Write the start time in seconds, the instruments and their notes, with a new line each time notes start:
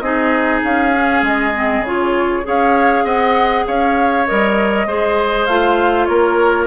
0.00 bassoon C4, clarinet D#4, oboe G#4, flute D#5
0.63 bassoon C#4, flute F5
0.93 clarinet C#4
1.22 bassoon G#3, flute D#5
1.54 clarinet C4
1.80 bassoon C#3, clarinet F4
1.86 flute C#5
2.43 bassoon C#4, clarinet G#4, oboe C#5, flute F5
3.04 bassoon C4, oboe D#5, flute F#5
3.66 bassoon C#4, oboe C#5, flute F5
4.27 bassoon G3, clarinet A#4, flute D#5
4.86 bassoon G#3, clarinet G#4, oboe C5
5.46 bassoon A3, clarinet F4, flute F5
6.05 bassoon A#3, oboe A#4, flute C#5